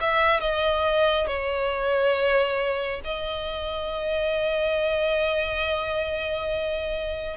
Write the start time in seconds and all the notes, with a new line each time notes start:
0.00 E5
0.40 D#5
1.27 C#5
3.04 D#5